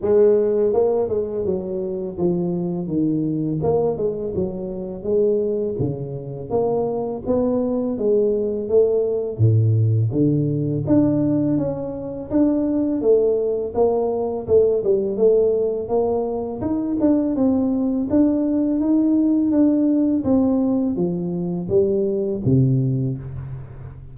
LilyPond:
\new Staff \with { instrumentName = "tuba" } { \time 4/4 \tempo 4 = 83 gis4 ais8 gis8 fis4 f4 | dis4 ais8 gis8 fis4 gis4 | cis4 ais4 b4 gis4 | a4 a,4 d4 d'4 |
cis'4 d'4 a4 ais4 | a8 g8 a4 ais4 dis'8 d'8 | c'4 d'4 dis'4 d'4 | c'4 f4 g4 c4 | }